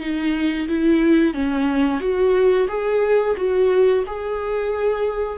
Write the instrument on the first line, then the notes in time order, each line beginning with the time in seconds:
viola
0.00 D#4
0.68 E4
1.33 C#4
2.00 F#4
2.68 G#4
3.36 F#4
4.06 G#4